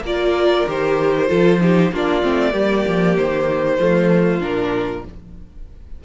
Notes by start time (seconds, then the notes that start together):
0.00 A#3 F4 A#4 D5
0.67 D#3 G4 C5
1.27 F3 F4 A4
1.60 D#4 G4
1.92 A#3 D4 F4 D5
2.22 A3 C4
2.51 G3 A#3 G4
2.87 F3
3.17 D#3 C5
3.78 F3 A3 F4
4.40 A#2 D4 A#4